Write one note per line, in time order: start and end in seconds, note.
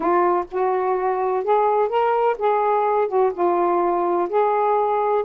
0.00 0.44 F4
0.51 1.44 F#4
1.44 1.89 G#4
1.89 2.36 A#4
2.38 3.08 G#4
3.08 3.32 F#4
3.33 4.29 F4
4.29 5.24 G#4